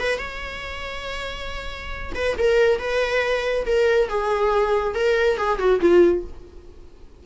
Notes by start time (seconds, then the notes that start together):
0.00 B4
0.19 C#5
2.15 B4
2.39 A#4
2.79 B4
3.66 A#4
4.09 G#4
4.95 A#4
5.38 G#4
5.59 F#4
5.81 F4